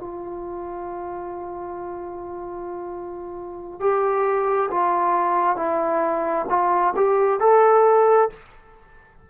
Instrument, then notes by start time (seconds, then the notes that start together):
trombone
0.00 F4
3.81 G4
4.71 F4
5.57 E4
6.50 F4
6.96 G4
7.40 A4